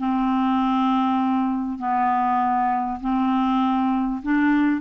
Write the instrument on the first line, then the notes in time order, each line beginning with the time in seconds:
clarinet
0.00 C4
1.79 B3
3.01 C4
4.23 D4